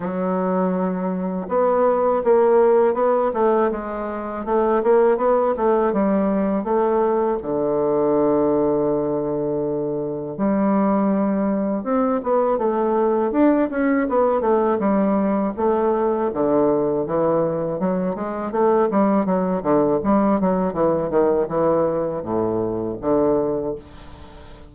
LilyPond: \new Staff \with { instrumentName = "bassoon" } { \time 4/4 \tempo 4 = 81 fis2 b4 ais4 | b8 a8 gis4 a8 ais8 b8 a8 | g4 a4 d2~ | d2 g2 |
c'8 b8 a4 d'8 cis'8 b8 a8 | g4 a4 d4 e4 | fis8 gis8 a8 g8 fis8 d8 g8 fis8 | e8 dis8 e4 a,4 d4 | }